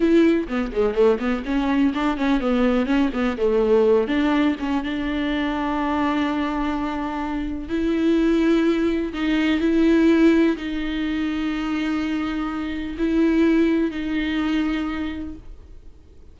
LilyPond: \new Staff \with { instrumentName = "viola" } { \time 4/4 \tempo 4 = 125 e'4 b8 gis8 a8 b8 cis'4 | d'8 cis'8 b4 cis'8 b8 a4~ | a8 d'4 cis'8 d'2~ | d'1 |
e'2. dis'4 | e'2 dis'2~ | dis'2. e'4~ | e'4 dis'2. | }